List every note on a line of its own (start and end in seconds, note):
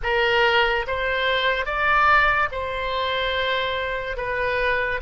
0.02 0.86 A#4
0.87 1.65 C5
1.65 2.48 D5
2.51 4.17 C5
4.17 5.00 B4